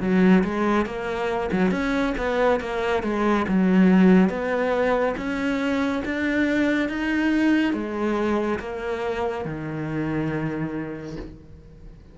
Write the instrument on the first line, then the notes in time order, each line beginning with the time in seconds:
cello
0.00 F#3
0.44 G#3
0.85 A#3
1.51 F#3
1.71 C#4
2.17 B3
2.60 A#3
3.02 G#3
3.48 F#3
4.29 B3
5.17 C#4
6.04 D4
6.89 D#4
7.73 G#3
8.59 A#3
9.44 D#3